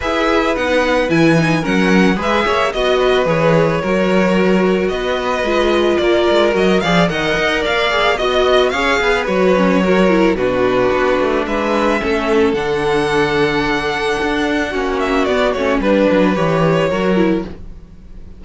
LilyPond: <<
  \new Staff \with { instrumentName = "violin" } { \time 4/4 \tempo 4 = 110 e''4 fis''4 gis''4 fis''4 | e''4 dis''4 cis''2~ | cis''4 dis''2 d''4 | dis''8 f''8 fis''4 f''4 dis''4 |
f''4 cis''2 b'4~ | b'4 e''2 fis''4~ | fis''2.~ fis''8 e''8 | d''8 cis''8 b'4 cis''2 | }
  \new Staff \with { instrumentName = "violin" } { \time 4/4 b'2. ais'4 | b'8 cis''8 dis''8 b'4. ais'4~ | ais'4 b'2 ais'4~ | ais'8 d''8 dis''4 d''4 dis''4 |
cis''8 b'4. ais'4 fis'4~ | fis'4 b'4 a'2~ | a'2. fis'4~ | fis'4 b'2 ais'4 | }
  \new Staff \with { instrumentName = "viola" } { \time 4/4 gis'4 dis'4 e'8 dis'8 cis'4 | gis'4 fis'4 gis'4 fis'4~ | fis'2 f'2 | fis'8 gis'8 ais'4. gis'8 fis'4 |
gis'4 fis'8 cis'8 fis'8 e'8 d'4~ | d'2 cis'4 d'4~ | d'2. cis'4 | b8 cis'8 d'4 g'4 fis'8 e'8 | }
  \new Staff \with { instrumentName = "cello" } { \time 4/4 e'4 b4 e4 fis4 | gis8 ais8 b4 e4 fis4~ | fis4 b4 gis4 ais8 gis8 | fis8 f8 dis8 dis'8 ais4 b4 |
cis'8 b8 fis2 b,4 | b8 a8 gis4 a4 d4~ | d2 d'4 ais4 | b8 a8 g8 fis8 e4 fis4 | }
>>